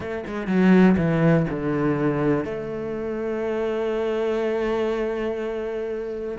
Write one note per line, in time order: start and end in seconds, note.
0.00 0.24 A3
0.26 0.47 G#3
0.47 0.96 F#3
0.97 1.46 E3
1.50 2.45 D3
2.45 6.38 A3